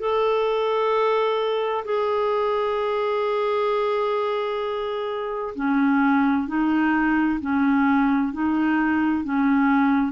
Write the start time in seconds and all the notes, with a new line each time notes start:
0.00 A4
1.85 G#4
5.56 C#4
6.48 D#4
7.41 C#4
8.33 D#4
9.24 C#4